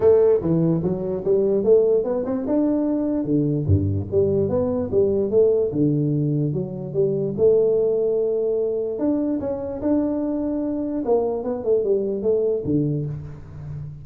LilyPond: \new Staff \with { instrumentName = "tuba" } { \time 4/4 \tempo 4 = 147 a4 e4 fis4 g4 | a4 b8 c'8 d'2 | d4 g,4 g4 b4 | g4 a4 d2 |
fis4 g4 a2~ | a2 d'4 cis'4 | d'2. ais4 | b8 a8 g4 a4 d4 | }